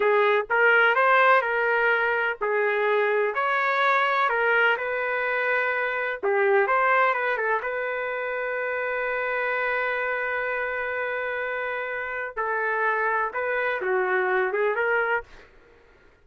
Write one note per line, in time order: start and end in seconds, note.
0.00 0.45 G#4
0.50 0.95 A#4
0.95 1.41 C5
1.41 2.36 A#4
2.41 3.34 G#4
3.34 4.29 C#5
4.29 4.76 A#4
4.77 6.20 B4
6.23 6.67 G4
6.67 7.14 C5
7.14 7.37 B4
7.37 7.60 A4
7.62 12.36 B4
12.36 13.31 A4
13.33 13.81 B4
13.81 14.52 F#4
14.52 14.75 G#4
14.75 15.23 A#4